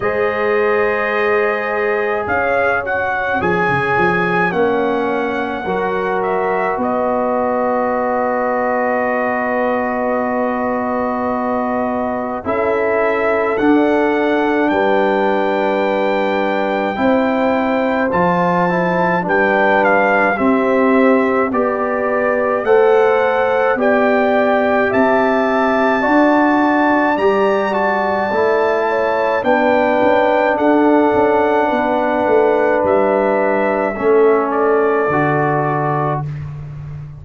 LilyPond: <<
  \new Staff \with { instrumentName = "trumpet" } { \time 4/4 \tempo 4 = 53 dis''2 f''8 fis''8 gis''4 | fis''4. e''8 dis''2~ | dis''2. e''4 | fis''4 g''2. |
a''4 g''8 f''8 e''4 d''4 | fis''4 g''4 a''2 | ais''8 a''4. g''4 fis''4~ | fis''4 e''4. d''4. | }
  \new Staff \with { instrumentName = "horn" } { \time 4/4 c''2 cis''2~ | cis''4 ais'4 b'2~ | b'2. a'4~ | a'4 b'2 c''4~ |
c''4 b'4 g'4 b'4 | c''4 d''4 e''4 d''4~ | d''4. cis''8 b'4 a'4 | b'2 a'2 | }
  \new Staff \with { instrumentName = "trombone" } { \time 4/4 gis'2~ gis'8 fis'8 gis'4 | cis'4 fis'2.~ | fis'2. e'4 | d'2. e'4 |
f'8 e'8 d'4 c'4 g'4 | a'4 g'2 fis'4 | g'8 fis'8 e'4 d'2~ | d'2 cis'4 fis'4 | }
  \new Staff \with { instrumentName = "tuba" } { \time 4/4 gis2 cis'4 f16 cis16 f8 | ais4 fis4 b2~ | b2. cis'4 | d'4 g2 c'4 |
f4 g4 c'4 b4 | a4 b4 c'4 d'4 | g4 a4 b8 cis'8 d'8 cis'8 | b8 a8 g4 a4 d4 | }
>>